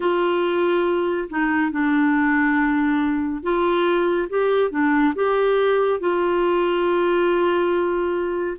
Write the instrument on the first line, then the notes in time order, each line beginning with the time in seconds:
clarinet
0.00 F4
1.29 D#4
1.71 D4
3.42 F4
4.29 G4
4.71 D4
5.15 G4
6.00 F4